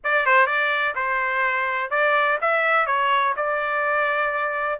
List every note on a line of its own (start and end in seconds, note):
0.03 0.25 D5
0.25 0.46 C5
0.46 0.94 D5
0.95 1.90 C5
1.90 2.38 D5
2.41 2.86 E5
2.86 3.34 C#5
3.36 4.79 D5